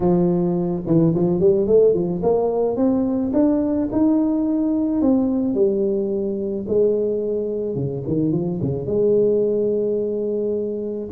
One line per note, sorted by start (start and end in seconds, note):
0.00 0.83 F3
0.86 1.14 E3
1.14 1.40 F3
1.40 1.66 G3
1.66 1.93 A3
1.93 2.21 F3
2.22 2.76 A#3
2.76 3.32 C4
3.33 3.89 D4
3.92 5.01 D#4
5.01 5.54 C4
5.54 6.65 G3
6.68 7.75 G#3
7.75 8.03 C#3
8.07 8.32 D#3
8.32 8.59 F3
8.61 8.86 C#3
8.86 11.08 G#3